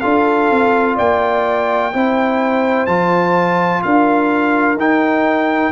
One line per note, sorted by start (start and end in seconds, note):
0.00 0.50 D4
0.00 1.92 F4
0.00 0.96 A4
0.00 0.95 F5
0.50 0.98 C4
0.96 1.93 A#3
0.96 1.91 D5
0.96 2.86 G5
1.93 2.87 C4
1.93 2.87 E4
1.93 3.83 C5
2.86 3.82 F3
2.86 4.78 F4
2.86 3.81 A5
3.82 4.75 D4
3.82 5.72 A#4
3.82 4.78 F5
4.75 5.70 D#4
4.75 5.72 D#4
4.75 5.72 G5